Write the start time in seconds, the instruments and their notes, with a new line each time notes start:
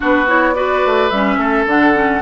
0.00 bassoon B3, clarinet D4, oboe F#4, flute B4
0.27 clarinet E4, flute C#5
0.54 clarinet F#4, oboe B4, flute D5
0.85 bassoon A3
1.09 bassoon G3, clarinet C#4, flute E5
1.36 bassoon A3, oboe A4
1.66 bassoon D3, clarinet D4, flute F#5
1.94 clarinet C#4